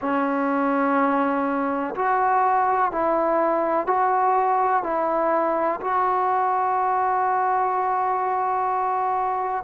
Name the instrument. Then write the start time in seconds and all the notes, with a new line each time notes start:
trombone
0.01 C#4
1.95 F#4
2.91 E4
3.87 F#4
4.83 E4
5.81 F#4